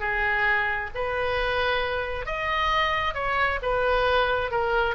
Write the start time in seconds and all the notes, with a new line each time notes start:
0.00 G#4
0.95 B4
2.26 D#5
3.14 C#5
3.62 B4
4.51 A#4